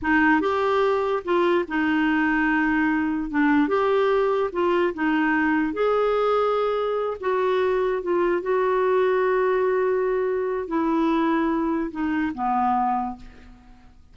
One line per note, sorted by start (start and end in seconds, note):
0.02 0.41 D#4
0.41 1.23 G4
1.24 1.65 F4
1.68 3.30 D#4
3.30 3.68 D4
3.68 4.50 G4
4.52 4.93 F4
4.94 5.73 D#4
5.73 7.17 G#4
7.20 8.02 F#4
8.02 8.42 F4
8.42 10.67 F#4
10.67 11.90 E4
11.91 12.32 D#4
12.34 13.16 B3